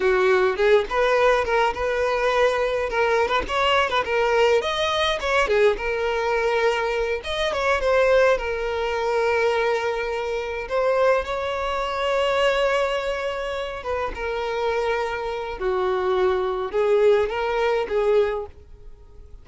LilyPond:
\new Staff \with { instrumentName = "violin" } { \time 4/4 \tempo 4 = 104 fis'4 gis'8 b'4 ais'8 b'4~ | b'4 ais'8. b'16 cis''8. b'16 ais'4 | dis''4 cis''8 gis'8 ais'2~ | ais'8 dis''8 cis''8 c''4 ais'4.~ |
ais'2~ ais'8 c''4 cis''8~ | cis''1 | b'8 ais'2~ ais'8 fis'4~ | fis'4 gis'4 ais'4 gis'4 | }